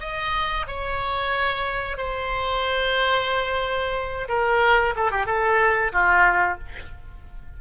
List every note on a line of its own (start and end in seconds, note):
0.00 0.66 D#5
0.67 1.97 C#5
1.97 4.28 C5
4.29 4.95 A#4
4.96 5.11 A4
5.11 5.26 G4
5.26 5.92 A4
5.93 6.58 F4